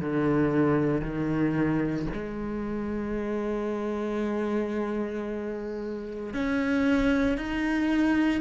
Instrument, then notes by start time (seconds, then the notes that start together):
cello
0.00 D3
1.01 D#3
2.13 G#3
6.33 C#4
7.37 D#4